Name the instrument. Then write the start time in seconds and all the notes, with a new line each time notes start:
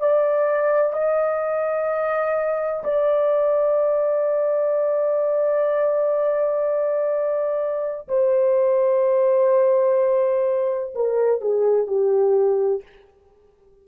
horn
0.00 D5
0.93 D#5
2.84 D5
8.09 C5
10.95 A#4
11.41 G#4
11.87 G4